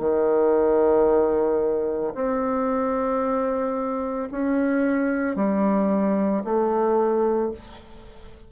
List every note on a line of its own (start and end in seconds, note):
0.00 2.14 D#3
2.15 4.29 C4
4.32 5.36 C#4
5.36 6.43 G3
6.45 7.52 A3